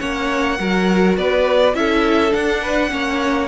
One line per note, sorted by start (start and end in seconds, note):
0.00 0.60 A#3
0.00 0.58 C#4
0.00 0.59 C#5
0.00 1.17 F#5
0.59 1.18 F#3
0.59 1.75 F#4
0.59 1.18 A#4
1.18 1.74 B3
1.18 1.77 B4
1.18 1.75 D5
1.74 2.33 C#4
1.74 2.30 E4
1.74 2.61 A4
1.74 2.33 E5
2.30 2.89 D4
2.30 2.92 D4
2.30 3.48 F#5
2.61 2.91 B4
2.90 3.48 A#3
2.90 3.48 C#4
2.90 3.48 C#5